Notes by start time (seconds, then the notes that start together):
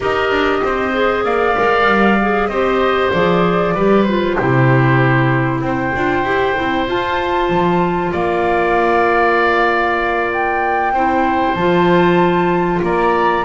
0.00 D#4 G4 A#4 D#5
0.30 D4
0.63 C4 C5
0.93 G#4
1.24 A#3 D5 F5
1.55 G#3 A#4
1.86 G3
2.21 G#4
2.47 C4 G4 C5 D#5
3.12 F3 G#4 D5
3.74 G3 G4 B4
4.03 F4 C5
4.36 C3 E4 G4
5.60 C4 C5 G5
5.95 D4 F4
6.23 E4 G4
6.56 C4 E4
6.87 F4 A5
7.49 F3
8.11 A#3 D5 F5
10.32 G5
10.92 C4 E4 C5
11.54 F3 F4 A5
12.82 A#3 D5 A#5